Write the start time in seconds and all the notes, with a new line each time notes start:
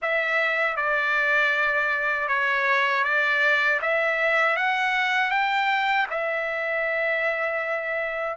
0.02 E5
0.76 D5
2.28 C#5
3.03 D5
3.81 E5
4.56 F#5
5.30 G5
6.10 E5